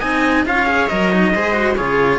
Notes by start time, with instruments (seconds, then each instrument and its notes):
0.00 cello C4 D#4, viola D#5, trumpet G#5
0.46 cello C#4 F4, viola C#5, trumpet F5
0.66 cello G#4
0.88 cello F#3 A#4, trumpet D#5
1.12 cello D#4
1.34 cello G#3 G#4, viola C5
1.53 cello F#4
1.75 cello C#3 F4, viola G#4, trumpet C#5